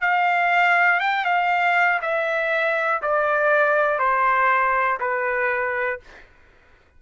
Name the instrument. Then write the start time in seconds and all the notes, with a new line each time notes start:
trumpet
0.00 F5
1.00 G5
1.25 F5
2.01 E5
3.01 D5
3.98 C5
5.00 B4